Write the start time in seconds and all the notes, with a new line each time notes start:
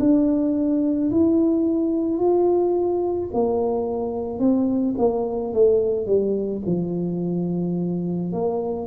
0.00 D4
1.12 E4
2.19 F4
3.34 A#3
4.39 C4
4.98 A#3
5.54 A3
6.07 G3
6.66 F3
8.32 A#3